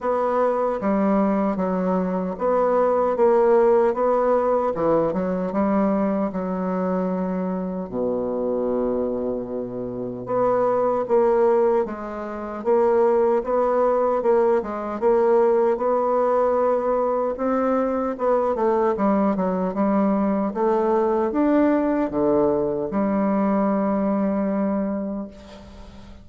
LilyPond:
\new Staff \with { instrumentName = "bassoon" } { \time 4/4 \tempo 4 = 76 b4 g4 fis4 b4 | ais4 b4 e8 fis8 g4 | fis2 b,2~ | b,4 b4 ais4 gis4 |
ais4 b4 ais8 gis8 ais4 | b2 c'4 b8 a8 | g8 fis8 g4 a4 d'4 | d4 g2. | }